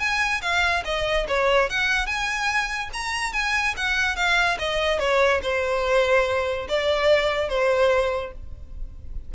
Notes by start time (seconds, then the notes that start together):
0.00 G#5
0.42 F5
0.85 D#5
1.28 C#5
1.70 F#5
2.07 G#5
2.94 A#5
3.33 G#5
3.77 F#5
4.16 F5
4.59 D#5
4.99 C#5
5.43 C5
6.69 D5
7.49 C5